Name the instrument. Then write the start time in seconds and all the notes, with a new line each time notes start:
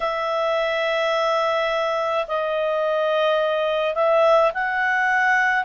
clarinet
0.00 E5
2.27 D#5
3.95 E5
4.53 F#5